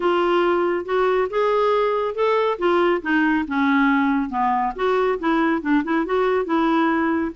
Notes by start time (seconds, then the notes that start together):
0.00 F4
0.85 F#4
1.30 G#4
2.15 A4
2.58 F4
3.01 D#4
3.47 C#4
4.29 B3
4.75 F#4
5.19 E4
5.61 D4
5.84 E4
6.05 F#4
6.45 E4